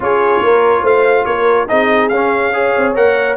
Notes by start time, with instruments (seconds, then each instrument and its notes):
0.00 tuba C#4, trombone F4, horn G#4, trumpet C#5
0.42 tuba A#3, horn A#4
0.82 tuba A3, horn C5, trumpet F5
1.25 tuba A#3, horn A#4, trumpet C#5
1.68 tuba C4, trombone D#4, horn G#4, trumpet D#5
2.08 tuba C#4, trombone C#4, trumpet F5
2.53 trombone G#4, horn C#5
2.77 tuba C4
2.95 tuba A#3, trombone A#4, trumpet F#5